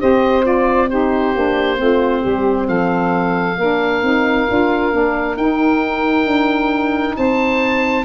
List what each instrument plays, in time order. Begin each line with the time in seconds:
0.00 tuba C4, saxophone G4 C5, oboe D#5
0.43 saxophone F4, oboe D5
0.89 saxophone D#4 G4, oboe C5
1.35 tuba A#3, saxophone D4
1.77 tuba A3, saxophone C4 F4
2.21 tuba G3, saxophone G4
2.68 tuba F3, saxophone A4, oboe F5
3.58 tuba A#3, saxophone D4 A#4
4.03 tuba C4, saxophone D#4
4.49 tuba D4, saxophone F4
4.93 tuba A#3, saxophone D4
5.37 tuba D#4, saxophone D#4, oboe G5
6.26 tuba D4
7.17 tuba C4, saxophone C5, oboe A5